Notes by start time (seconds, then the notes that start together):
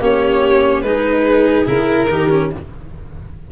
0.00 A#3 C#4 G4 C#5
0.82 G#3 D#4 G#4 B4
1.66 C#3 E4 A#4
2.09 D#3 D#4 G4
2.30 C#4